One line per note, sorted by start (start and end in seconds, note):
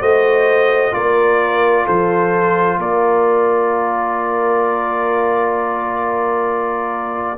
0.00 0.92 A3
0.00 0.91 F#4
0.00 0.92 C5
0.00 0.93 D#5
0.91 1.86 A#3
0.91 7.37 F4
0.91 1.85 A#4
0.91 1.86 D5
1.85 2.78 F3
1.85 2.77 A4
1.85 2.79 C5
2.78 7.38 A#3
2.78 7.38 A#4
2.78 7.38 D5